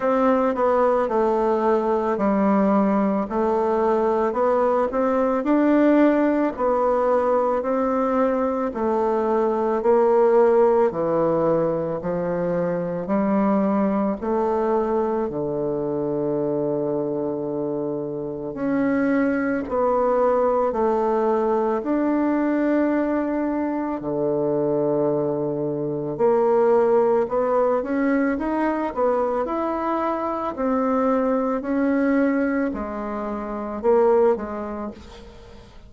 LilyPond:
\new Staff \with { instrumentName = "bassoon" } { \time 4/4 \tempo 4 = 55 c'8 b8 a4 g4 a4 | b8 c'8 d'4 b4 c'4 | a4 ais4 e4 f4 | g4 a4 d2~ |
d4 cis'4 b4 a4 | d'2 d2 | ais4 b8 cis'8 dis'8 b8 e'4 | c'4 cis'4 gis4 ais8 gis8 | }